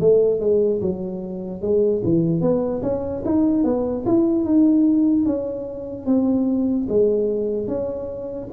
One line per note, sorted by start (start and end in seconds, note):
0.00 0.40 A3
0.40 0.81 G#3
0.81 1.61 F#3
1.61 2.02 G#3
2.04 2.41 E3
2.41 2.82 B3
2.83 3.23 C#4
3.25 3.64 D#4
3.64 4.05 B3
4.06 4.45 E4
4.45 5.26 D#4
5.26 6.06 C#4
6.06 6.87 C4
6.89 7.68 G#3
7.68 8.49 C#4